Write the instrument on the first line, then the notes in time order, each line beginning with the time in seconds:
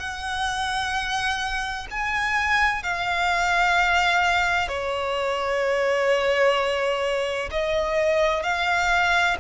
violin
0.00 F#5
1.91 G#5
2.83 F5
4.68 C#5
7.51 D#5
8.43 F5